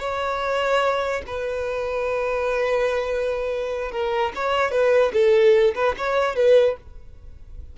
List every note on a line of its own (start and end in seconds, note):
0.00 1.22 C#5
1.27 3.92 B4
3.92 4.33 A#4
4.36 4.72 C#5
4.72 5.12 B4
5.14 5.75 A4
5.75 5.96 B4
5.98 6.36 C#5
6.36 6.77 B4